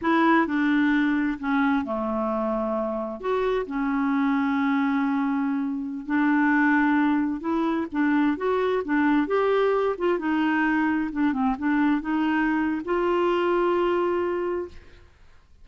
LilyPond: \new Staff \with { instrumentName = "clarinet" } { \time 4/4 \tempo 4 = 131 e'4 d'2 cis'4 | a2. fis'4 | cis'1~ | cis'4~ cis'16 d'2~ d'8.~ |
d'16 e'4 d'4 fis'4 d'8.~ | d'16 g'4. f'8 dis'4.~ dis'16~ | dis'16 d'8 c'8 d'4 dis'4.~ dis'16 | f'1 | }